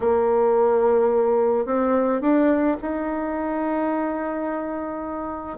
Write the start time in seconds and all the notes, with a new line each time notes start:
0.00 A#3
1.65 C4
2.21 D4
2.81 D#4